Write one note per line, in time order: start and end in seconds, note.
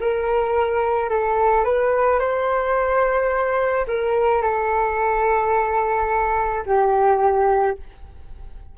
0.00 1.09 A#4
1.09 1.64 A4
1.64 2.20 B4
2.20 3.86 C5
3.87 4.42 A#4
4.42 6.64 A4
6.66 7.77 G4